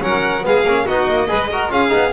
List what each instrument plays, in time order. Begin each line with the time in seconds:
0.00 double bass F#3, trombone C#4, violin A#4 F#5
0.42 double bass G#3, trombone B3, violin G#4 F5
0.64 double bass A#3, trombone C#4
0.85 double bass B3, trombone D#4, violin F#4 D#5
1.09 double bass A#3
1.27 double bass G#3, trombone G#4, violin B4
1.51 trombone F#4, violin A#4
1.69 double bass C#4, trombone F4, violin G#4 F5
1.89 double bass B3, trombone D#4